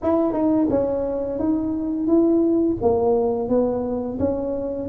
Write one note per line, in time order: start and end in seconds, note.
0.02 0.32 E4
0.32 0.67 D#4
0.70 1.39 C#4
1.39 2.07 D#4
2.07 2.77 E4
2.81 3.49 A#3
3.49 4.18 B3
4.19 4.88 C#4